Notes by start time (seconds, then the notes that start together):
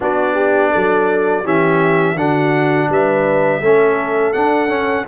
0.00 B3 D4 F#4 D5
0.34 G4
0.71 F#3 A4
1.43 E3 C#4 G4 E5
2.15 D3 D4 F#4 F#5
2.89 G3 B4 E5
3.61 A3 C#4 A4
4.33 D4 F#5
4.68 C#4